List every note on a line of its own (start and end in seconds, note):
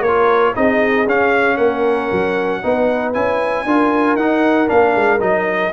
0.00 0.52 A#3
0.00 0.54 A#4
0.00 0.54 C#5
0.08 0.54 F4
0.54 1.06 C4
0.54 1.06 D#4
0.54 1.57 G#4
0.54 1.07 D#5
1.06 1.57 C#4
1.06 2.62 C#4
1.06 1.57 F5
1.57 2.09 A#3
1.57 2.60 A#4
1.57 3.12 F#5
2.11 2.63 F#3
2.62 3.15 B3
2.62 3.14 D#4
2.62 3.66 B4
3.13 3.65 C#4
3.13 3.66 E4
3.13 4.16 G#5
3.65 4.15 D4
3.65 4.18 F4
3.65 5.72 A#4
4.15 4.67 D#4
4.15 4.68 F#5
4.67 4.95 A#3
4.67 5.19 D4
4.67 5.21 F5
4.95 5.21 G#3
5.20 5.72 F#3
5.20 5.72 D#4
5.20 5.72 D#5